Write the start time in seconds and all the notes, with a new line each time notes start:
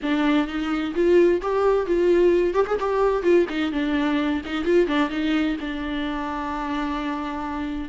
0.02 D4
0.47 D#4
0.95 F4
1.41 G4
1.86 F4
2.54 G4
2.66 G#4
2.79 G4
3.22 F4
3.49 D#4
3.71 D4
4.45 D#4
4.64 F4
4.87 D4
5.09 D#4
5.60 D4